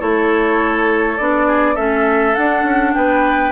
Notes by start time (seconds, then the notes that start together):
0.00 A3 E4 A4 C#5
1.18 B3 D4 D5
1.48 G#4
1.75 A3 C#4 A4 E5
2.35 D4 F#5
2.64 C#4
2.94 B3 B4 G5